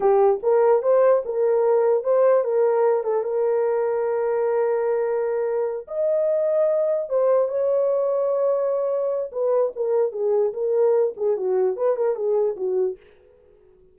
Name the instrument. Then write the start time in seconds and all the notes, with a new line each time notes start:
horn
0.00 G4
0.42 A#4
0.82 C5
1.25 A#4
2.03 C5
2.43 A#4
3.03 A4
3.23 A#4
5.87 D#5
7.09 C5
7.48 C#5
9.31 B4
9.75 A#4
10.12 G#4
10.53 A#4
11.16 G#4
11.36 F#4
11.76 B4
11.96 A#4
12.15 G#4
12.56 F#4